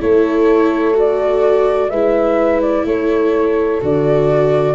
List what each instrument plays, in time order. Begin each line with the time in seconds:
0.00 tuba A3, viola E4, horn A4, flute C#5
0.94 viola F#4, flute D5
1.89 tuba G#3, viola E4, horn B4, flute E5
2.62 flute D5
2.85 tuba A3, horn A4, flute C#5
3.81 tuba D3, viola F#4, flute D5